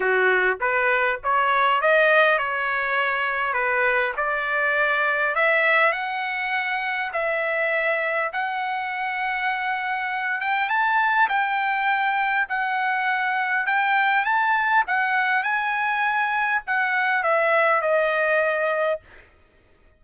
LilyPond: \new Staff \with { instrumentName = "trumpet" } { \time 4/4 \tempo 4 = 101 fis'4 b'4 cis''4 dis''4 | cis''2 b'4 d''4~ | d''4 e''4 fis''2 | e''2 fis''2~ |
fis''4. g''8 a''4 g''4~ | g''4 fis''2 g''4 | a''4 fis''4 gis''2 | fis''4 e''4 dis''2 | }